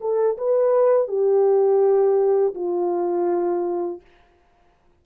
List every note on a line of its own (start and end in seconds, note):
0.00 0.37 A4
0.37 1.07 B4
1.07 2.54 G4
2.54 4.00 F4